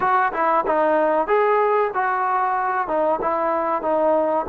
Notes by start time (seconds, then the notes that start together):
0.00 F#4
0.32 E4
0.66 D#4
1.27 G#4
1.94 F#4
2.87 D#4
3.21 E4
3.82 D#4